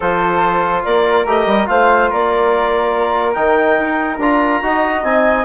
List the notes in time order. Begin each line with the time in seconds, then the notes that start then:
0.00 F3 F4 A4 C5
0.84 A#3 A#4 D5
1.25 A3 G4 D#5
1.46 G3
1.66 A3 F4 C5 F5
2.10 A#3 A#4 D5
3.33 D#3 D#4 G5
3.79 D#4
4.18 D4 F4 A#5
4.62 D#4 F#4 D#5
5.03 C4 D#4 G#5